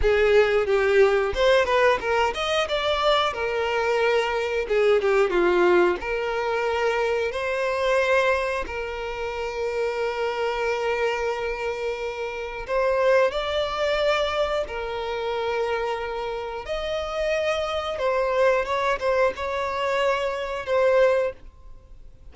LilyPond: \new Staff \with { instrumentName = "violin" } { \time 4/4 \tempo 4 = 90 gis'4 g'4 c''8 b'8 ais'8 dis''8 | d''4 ais'2 gis'8 g'8 | f'4 ais'2 c''4~ | c''4 ais'2.~ |
ais'2. c''4 | d''2 ais'2~ | ais'4 dis''2 c''4 | cis''8 c''8 cis''2 c''4 | }